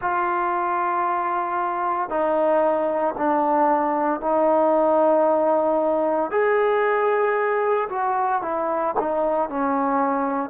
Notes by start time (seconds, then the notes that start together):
0.01 F4
2.09 D#4
3.17 D4
4.20 D#4
6.30 G#4
7.89 F#4
8.42 E4
8.99 D#4
9.49 C#4